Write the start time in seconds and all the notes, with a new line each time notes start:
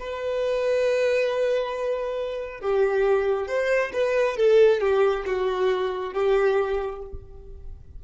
0.00 B4
2.61 G4
3.48 C5
3.94 B4
4.38 A4
4.81 G4
5.27 F#4
6.14 G4